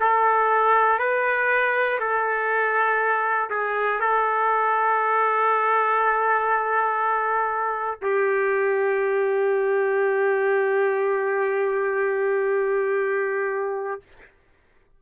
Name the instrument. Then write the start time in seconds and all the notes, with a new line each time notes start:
trumpet
0.00 A4
0.98 B4
1.99 A4
3.50 G#4
4.00 A4
8.01 G4